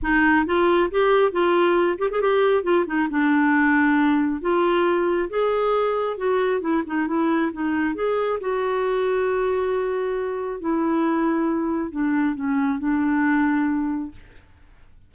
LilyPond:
\new Staff \with { instrumentName = "clarinet" } { \time 4/4 \tempo 4 = 136 dis'4 f'4 g'4 f'4~ | f'8 g'16 gis'16 g'4 f'8 dis'8 d'4~ | d'2 f'2 | gis'2 fis'4 e'8 dis'8 |
e'4 dis'4 gis'4 fis'4~ | fis'1 | e'2. d'4 | cis'4 d'2. | }